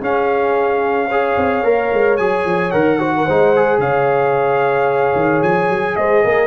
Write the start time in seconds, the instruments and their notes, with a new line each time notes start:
0.00 tuba C#4, trombone C#4, horn G#4, trumpet F5
1.08 trombone G#4, horn C#5
1.37 tuba C4
1.63 tuba A#3, trombone A#4
1.92 tuba G#3
2.17 tuba F#3, trombone G#4, trumpet G#5
2.45 tuba F3
2.71 tuba D#3, trombone A#4, trumpet F#5
2.99 trombone F#4, horn C5
3.17 horn A#4
3.25 tuba G#3, trombone D#4, horn C5
3.56 trombone G#4
3.78 tuba C#3, horn C#5, trumpet F5
5.15 tuba D#3
5.42 tuba F3, trumpet G#5
5.69 tuba F#3
5.96 tuba G#3, horn C5, trumpet D#5
6.24 tuba A#3, horn A#4